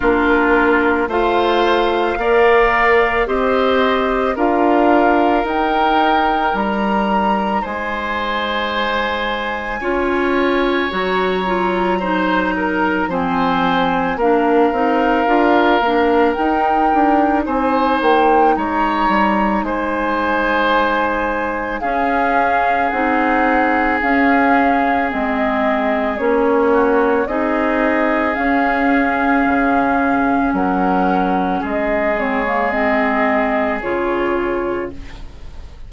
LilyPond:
<<
  \new Staff \with { instrumentName = "flute" } { \time 4/4 \tempo 4 = 55 ais'4 f''2 dis''4 | f''4 g''4 ais''4 gis''4~ | gis''2 ais''2 | gis''4 f''2 g''4 |
gis''8 g''8 ais''4 gis''2 | f''4 fis''4 f''4 dis''4 | cis''4 dis''4 f''2 | fis''4 dis''8 cis''8 dis''4 cis''4 | }
  \new Staff \with { instrumentName = "oboe" } { \time 4/4 f'4 c''4 d''4 c''4 | ais'2. c''4~ | c''4 cis''2 c''8 ais'8 | c''4 ais'2. |
c''4 cis''4 c''2 | gis'1~ | gis'8 fis'8 gis'2. | ais'4 gis'2. | }
  \new Staff \with { instrumentName = "clarinet" } { \time 4/4 d'4 f'4 ais'4 g'4 | f'4 dis'2.~ | dis'4 f'4 fis'8 f'8 dis'4 | c'4 d'8 dis'8 f'8 d'8 dis'4~ |
dis'1 | cis'4 dis'4 cis'4 c'4 | cis'4 dis'4 cis'2~ | cis'4. c'16 ais16 c'4 f'4 | }
  \new Staff \with { instrumentName = "bassoon" } { \time 4/4 ais4 a4 ais4 c'4 | d'4 dis'4 g4 gis4~ | gis4 cis'4 fis2 | f4 ais8 c'8 d'8 ais8 dis'8 d'8 |
c'8 ais8 gis8 g8 gis2 | cis'4 c'4 cis'4 gis4 | ais4 c'4 cis'4 cis4 | fis4 gis2 cis4 | }
>>